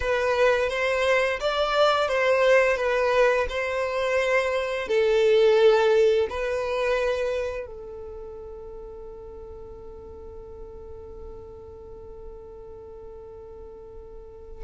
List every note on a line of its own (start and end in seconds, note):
0.00 0.69 B4
0.69 1.39 C5
1.40 2.08 D5
2.08 2.77 C5
2.77 3.46 B4
3.49 4.88 C5
4.88 6.27 A4
6.29 7.66 B4
7.66 14.64 A4